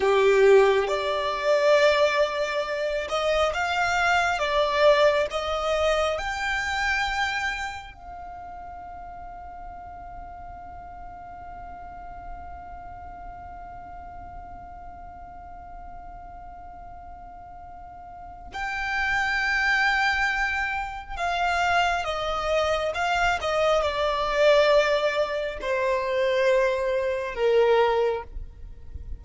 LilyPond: \new Staff \with { instrumentName = "violin" } { \time 4/4 \tempo 4 = 68 g'4 d''2~ d''8 dis''8 | f''4 d''4 dis''4 g''4~ | g''4 f''2.~ | f''1~ |
f''1~ | f''4 g''2. | f''4 dis''4 f''8 dis''8 d''4~ | d''4 c''2 ais'4 | }